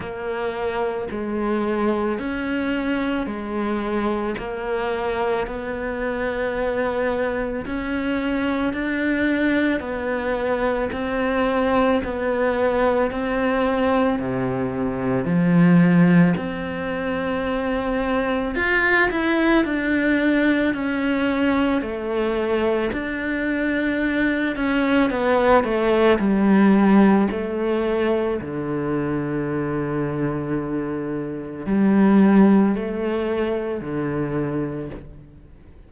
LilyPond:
\new Staff \with { instrumentName = "cello" } { \time 4/4 \tempo 4 = 55 ais4 gis4 cis'4 gis4 | ais4 b2 cis'4 | d'4 b4 c'4 b4 | c'4 c4 f4 c'4~ |
c'4 f'8 e'8 d'4 cis'4 | a4 d'4. cis'8 b8 a8 | g4 a4 d2~ | d4 g4 a4 d4 | }